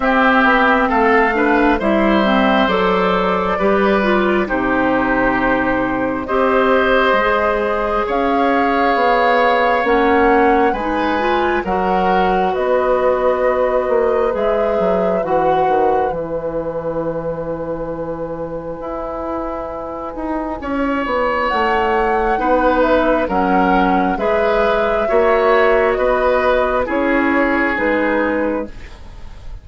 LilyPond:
<<
  \new Staff \with { instrumentName = "flute" } { \time 4/4 \tempo 4 = 67 e''4 f''4 e''4 d''4~ | d''4 c''2 dis''4~ | dis''4 f''2 fis''4 | gis''4 fis''4 dis''2 |
e''4 fis''4 gis''2~ | gis''1 | fis''4. e''8 fis''4 e''4~ | e''4 dis''4 cis''4 b'4 | }
  \new Staff \with { instrumentName = "oboe" } { \time 4/4 g'4 a'8 b'8 c''2 | b'4 g'2 c''4~ | c''4 cis''2. | b'4 ais'4 b'2~ |
b'1~ | b'2. cis''4~ | cis''4 b'4 ais'4 b'4 | cis''4 b'4 gis'2 | }
  \new Staff \with { instrumentName = "clarinet" } { \time 4/4 c'4. d'8 e'8 c'8 a'4 | g'8 f'8 dis'2 g'4 | gis'2. cis'4 | dis'8 f'8 fis'2. |
gis'4 fis'4 e'2~ | e'1~ | e'4 dis'4 cis'4 gis'4 | fis'2 e'4 dis'4 | }
  \new Staff \with { instrumentName = "bassoon" } { \time 4/4 c'8 b8 a4 g4 fis4 | g4 c2 c'4 | gis4 cis'4 b4 ais4 | gis4 fis4 b4. ais8 |
gis8 fis8 e8 dis8 e2~ | e4 e'4. dis'8 cis'8 b8 | a4 b4 fis4 gis4 | ais4 b4 cis'4 gis4 | }
>>